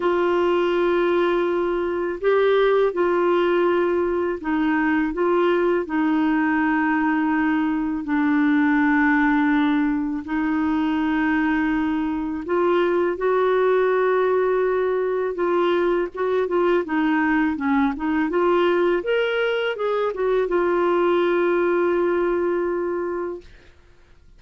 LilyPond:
\new Staff \with { instrumentName = "clarinet" } { \time 4/4 \tempo 4 = 82 f'2. g'4 | f'2 dis'4 f'4 | dis'2. d'4~ | d'2 dis'2~ |
dis'4 f'4 fis'2~ | fis'4 f'4 fis'8 f'8 dis'4 | cis'8 dis'8 f'4 ais'4 gis'8 fis'8 | f'1 | }